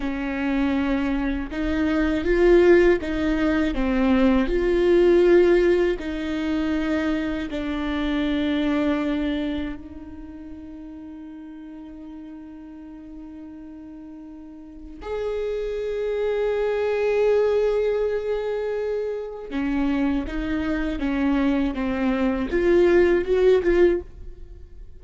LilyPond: \new Staff \with { instrumentName = "viola" } { \time 4/4 \tempo 4 = 80 cis'2 dis'4 f'4 | dis'4 c'4 f'2 | dis'2 d'2~ | d'4 dis'2.~ |
dis'1 | gis'1~ | gis'2 cis'4 dis'4 | cis'4 c'4 f'4 fis'8 f'8 | }